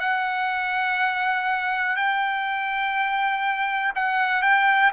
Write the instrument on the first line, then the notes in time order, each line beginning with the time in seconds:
trumpet
0.00 F#5
1.96 G5
3.96 F#5
4.43 G5